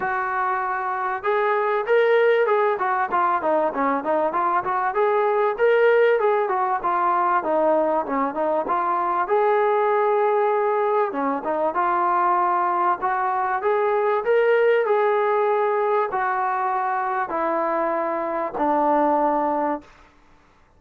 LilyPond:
\new Staff \with { instrumentName = "trombone" } { \time 4/4 \tempo 4 = 97 fis'2 gis'4 ais'4 | gis'8 fis'8 f'8 dis'8 cis'8 dis'8 f'8 fis'8 | gis'4 ais'4 gis'8 fis'8 f'4 | dis'4 cis'8 dis'8 f'4 gis'4~ |
gis'2 cis'8 dis'8 f'4~ | f'4 fis'4 gis'4 ais'4 | gis'2 fis'2 | e'2 d'2 | }